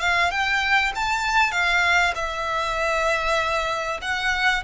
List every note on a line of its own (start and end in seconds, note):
0.00 0.31 F5
0.31 0.93 G5
0.95 1.52 A5
1.52 2.14 F5
2.15 4.01 E5
4.02 4.64 F#5